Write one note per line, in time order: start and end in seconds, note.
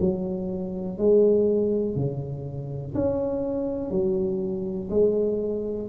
0.00 0.98 F#3
0.98 1.96 G#3
1.96 2.94 C#3
2.95 3.91 C#4
3.91 4.90 F#3
4.90 5.89 G#3